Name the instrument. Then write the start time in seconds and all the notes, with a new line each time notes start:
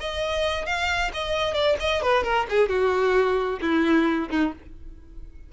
violin
0.00 D#5
0.66 F5
1.13 D#5
1.54 D5
1.80 D#5
2.02 B4
2.24 A#4
2.49 G#4
2.69 F#4
3.61 E4
4.30 D#4